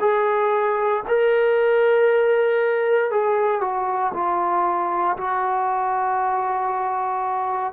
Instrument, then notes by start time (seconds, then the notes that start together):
trombone
0.00 G#4
1.08 A#4
3.11 G#4
3.61 F#4
4.13 F4
5.17 F#4